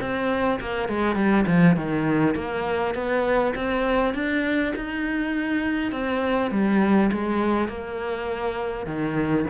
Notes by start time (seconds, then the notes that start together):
0.00 C4
0.60 A#3
0.88 G#3
1.15 G3
1.46 F3
1.76 D#3
2.35 A#3
2.94 B3
3.55 C4
4.14 D4
4.76 D#4
5.92 C4
6.51 G3
7.12 G#3
7.68 A#3
8.86 D#3